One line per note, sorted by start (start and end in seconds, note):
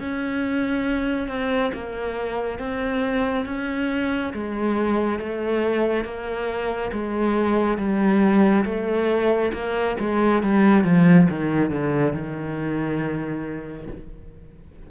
0.00 1.28 C#4
1.28 1.72 C4
1.74 2.58 A#3
2.58 3.45 C4
3.45 4.32 C#4
4.33 5.19 G#3
5.19 6.04 A3
6.04 6.91 A#3
6.92 7.77 G#3
7.77 8.64 G3
8.65 9.52 A3
9.53 9.97 A#3
10.00 10.43 G#3
10.43 10.84 G3
10.84 11.28 F3
11.29 11.70 D#3
11.70 12.13 D3
12.13 13.87 D#3